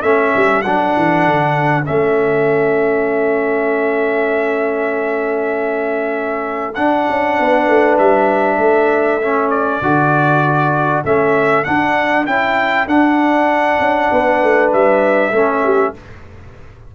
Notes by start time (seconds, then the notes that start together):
0.00 A3 C#4 A4 E5
0.36 G3
0.62 F#3 D4 F#5
0.96 E3
1.26 D3
1.84 A3 C#4 E5
6.74 D4 F#5
7.09 C#4
7.38 B3 B4
7.67 A3
7.98 G3 E5
8.58 A3 A4
9.22 C#4
9.49 D5
9.81 D3 F#4
11.04 A3 C#4 E5
11.64 D4 F#5
12.26 C#4 E4 G5
12.86 D4 F#5
13.79 C#4
14.11 B3 B4
14.43 A3
14.72 G3 E5
15.31 A3 C#4 A4
15.64 G4